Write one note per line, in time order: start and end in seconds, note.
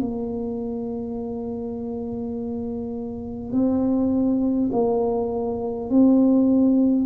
0.00 3.52 A#3
3.52 4.70 C4
4.72 5.90 A#3
5.90 7.06 C4